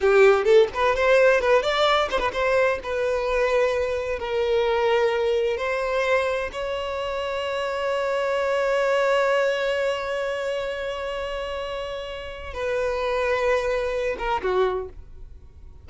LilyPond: \new Staff \with { instrumentName = "violin" } { \time 4/4 \tempo 4 = 129 g'4 a'8 b'8 c''4 b'8 d''8~ | d''8 c''16 b'16 c''4 b'2~ | b'4 ais'2. | c''2 cis''2~ |
cis''1~ | cis''1~ | cis''2. b'4~ | b'2~ b'8 ais'8 fis'4 | }